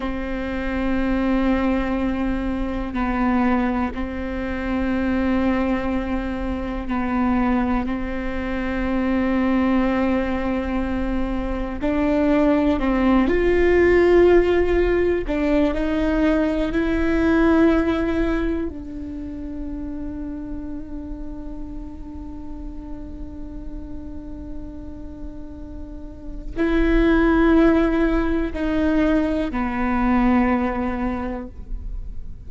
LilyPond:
\new Staff \with { instrumentName = "viola" } { \time 4/4 \tempo 4 = 61 c'2. b4 | c'2. b4 | c'1 | d'4 c'8 f'2 d'8 |
dis'4 e'2 d'4~ | d'1~ | d'2. e'4~ | e'4 dis'4 b2 | }